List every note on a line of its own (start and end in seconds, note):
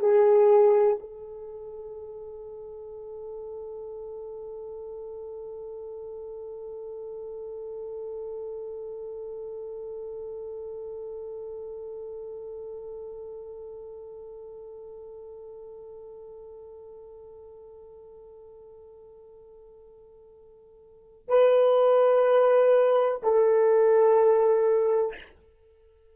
0.00 0.97 G#4
0.99 21.28 A4
21.28 23.22 B4
23.23 25.16 A4